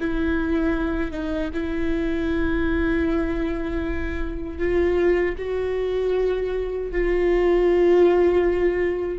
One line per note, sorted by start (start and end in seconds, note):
0.00 1.11 E4
1.11 1.50 D#4
1.53 4.58 E4
4.58 5.35 F4
5.37 6.91 F#4
6.91 9.18 F4